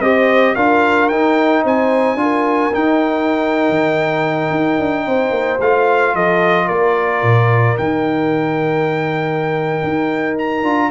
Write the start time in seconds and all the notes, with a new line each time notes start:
0.00 C4 G4 C5 D#5
0.55 D4 F4 A#4 F5
1.09 D#4 G5
1.64 C4 C5 G#5
2.15 D4 F4
2.22 A#4
2.73 D#4 G5
3.70 D#3
4.51 D#4
4.79 D4
5.06 C4 C5
5.31 A#3
5.60 A3 F4 F5
6.15 F3 A4 D#5
6.66 A#3 A#4 D5
7.23 A#2
7.78 D#3 D#4 G5
9.84 D#4
10.38 A#5
10.64 D4 F4